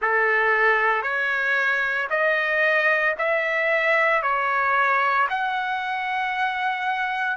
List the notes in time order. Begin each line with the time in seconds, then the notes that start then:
0.01 A4
1.02 C#5
2.10 D#5
3.18 E5
4.22 C#5
5.29 F#5